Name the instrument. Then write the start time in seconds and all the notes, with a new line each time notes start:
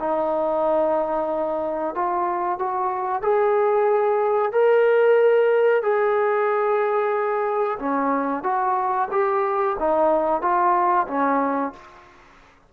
trombone
0.00 D#4
1.95 F4
2.59 F#4
3.22 G#4
4.52 A#4
5.83 G#4
7.79 C#4
8.43 F#4
9.11 G4
9.79 D#4
10.42 F4
11.08 C#4